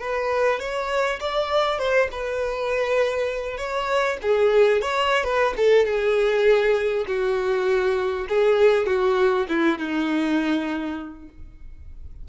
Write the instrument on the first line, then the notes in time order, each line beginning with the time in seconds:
violin
0.00 B4
0.59 C#5
1.20 D5
1.78 C5
2.11 B4
3.57 C#5
4.22 G#4
4.81 C#5
5.24 B4
5.56 A4
5.85 G#4
7.07 F#4
8.28 G#4
8.86 F#4
9.48 E4
9.78 D#4